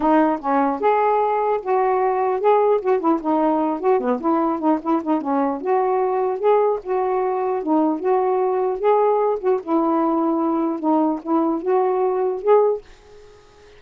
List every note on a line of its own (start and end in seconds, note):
0.00 0.39 D#4
0.40 0.80 C#4
0.80 1.60 G#4
1.62 2.40 F#4
2.40 2.80 G#4
2.81 3.00 F#4
3.00 3.20 E4
3.21 3.80 D#4
3.80 3.99 F#4
3.99 4.19 B3
4.20 4.59 E4
4.59 4.79 D#4
4.82 5.02 E4
5.02 5.21 D#4
5.21 5.61 C#4
5.61 6.39 F#4
6.39 6.79 G#4
6.83 7.62 F#4
7.62 7.99 D#4
7.99 8.79 F#4
8.79 9.39 G#4
9.40 9.60 F#4
9.62 10.79 E4
10.79 11.19 D#4
11.22 11.61 E4
11.61 12.41 F#4
12.41 12.81 G#4